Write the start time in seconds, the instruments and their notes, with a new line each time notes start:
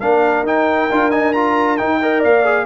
0.00 tuba A#3, trombone D4, horn A#4, trumpet F5
0.43 tuba D#4, trombone D#4, trumpet G5
0.91 tuba D4, trombone F4
1.11 trombone D#4, trumpet G#5
1.33 trombone F4, trumpet A#5
1.78 trombone D#4, tuba D#4, trumpet G5
2.01 trombone A#4, horn D#5
2.19 tuba A#3, horn D5, trumpet F5
2.45 trombone G#4